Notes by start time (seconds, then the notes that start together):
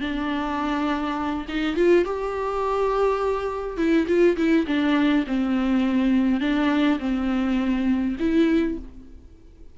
0.00 D4
1.48 D#4
1.76 F4
2.04 G4
3.77 E4
4.07 F4
4.37 E4
4.66 D4
5.26 C4
6.40 D4
6.99 C4
8.19 E4